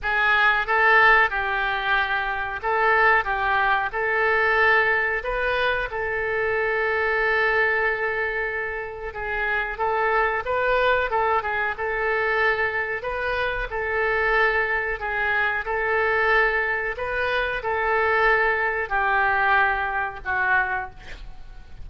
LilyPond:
\new Staff \with { instrumentName = "oboe" } { \time 4/4 \tempo 4 = 92 gis'4 a'4 g'2 | a'4 g'4 a'2 | b'4 a'2.~ | a'2 gis'4 a'4 |
b'4 a'8 gis'8 a'2 | b'4 a'2 gis'4 | a'2 b'4 a'4~ | a'4 g'2 fis'4 | }